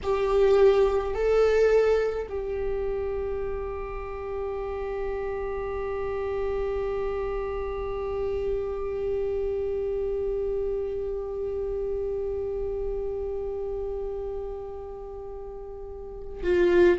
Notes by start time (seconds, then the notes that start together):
0.03 G4
1.13 A4
2.28 G4
16.43 F4